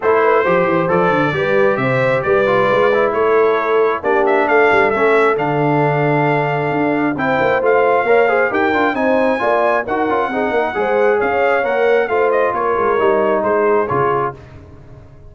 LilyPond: <<
  \new Staff \with { instrumentName = "trumpet" } { \time 4/4 \tempo 4 = 134 c''2 d''2 | e''4 d''2 cis''4~ | cis''4 d''8 e''8 f''4 e''4 | f''1 |
g''4 f''2 g''4 | gis''2 fis''2~ | fis''4 f''4 fis''4 f''8 dis''8 | cis''2 c''4 cis''4 | }
  \new Staff \with { instrumentName = "horn" } { \time 4/4 a'8 b'8 c''2 b'4 | c''4 b'2 a'4~ | a'4 g'4 a'2~ | a'1 |
c''2 cis''8 c''8 ais'4 | c''4 d''4 ais'4 gis'8 ais'8 | c''4 cis''2 c''4 | ais'2 gis'2 | }
  \new Staff \with { instrumentName = "trombone" } { \time 4/4 e'4 g'4 a'4 g'4~ | g'4. f'4 e'4.~ | e'4 d'2 cis'4 | d'1 |
e'4 f'4 ais'8 gis'8 g'8 f'8 | dis'4 f'4 fis'8 f'8 dis'4 | gis'2 ais'4 f'4~ | f'4 dis'2 f'4 | }
  \new Staff \with { instrumentName = "tuba" } { \time 4/4 a4 f8 e8 f8 d8 g4 | c4 g4 gis4 a4~ | a4 ais4 a8 g8 a4 | d2. d'4 |
c'8 ais8 a4 ais4 dis'8 d'8 | c'4 ais4 dis'8 cis'8 c'8 ais8 | gis4 cis'4 ais4 a4 | ais8 gis8 g4 gis4 cis4 | }
>>